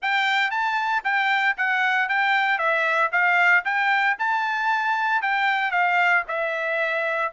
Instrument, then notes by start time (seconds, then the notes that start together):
trumpet
0.02 G5
0.50 A5
1.04 G5
1.57 F#5
2.08 G5
2.58 E5
3.12 F5
3.64 G5
4.18 A5
5.22 G5
5.71 F5
6.28 E5